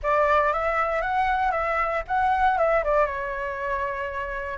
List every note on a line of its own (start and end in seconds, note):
0.02 0.52 D5
0.52 1.01 E5
1.01 1.51 F#5
1.51 2.03 E5
2.07 2.58 F#5
2.58 2.83 E5
2.83 3.06 D5
3.06 4.58 C#5